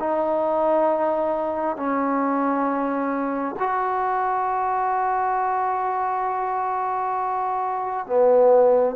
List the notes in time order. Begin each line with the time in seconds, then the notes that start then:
0.00 D#4
1.77 C#4
3.60 F#4
8.06 B3